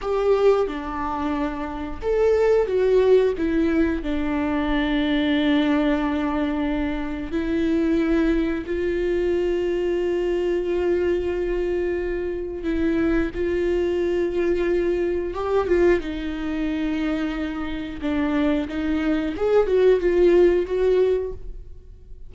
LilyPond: \new Staff \with { instrumentName = "viola" } { \time 4/4 \tempo 4 = 90 g'4 d'2 a'4 | fis'4 e'4 d'2~ | d'2. e'4~ | e'4 f'2.~ |
f'2. e'4 | f'2. g'8 f'8 | dis'2. d'4 | dis'4 gis'8 fis'8 f'4 fis'4 | }